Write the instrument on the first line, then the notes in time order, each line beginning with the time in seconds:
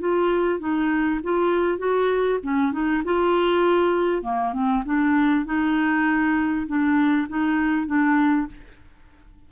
clarinet
0.00 F4
0.60 D#4
1.23 F4
1.79 F#4
2.43 C#4
2.72 D#4
3.05 F4
4.23 A#3
4.53 C4
4.85 D4
5.46 D#4
6.67 D4
7.29 D#4
7.87 D4